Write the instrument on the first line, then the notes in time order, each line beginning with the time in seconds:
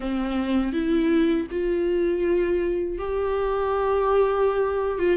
viola
0.00 C4
0.72 E4
1.50 F4
2.98 G4
4.98 F4